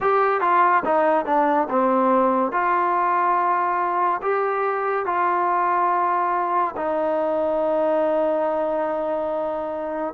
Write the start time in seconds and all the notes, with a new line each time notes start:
0.00 G4
0.40 F4
0.85 D#4
1.25 D4
1.69 C4
2.52 F4
4.22 G4
5.05 F4
6.76 D#4